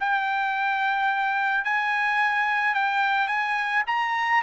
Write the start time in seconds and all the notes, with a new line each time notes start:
0.00 G5
1.64 G#5
2.74 G5
3.28 G#5
3.87 A#5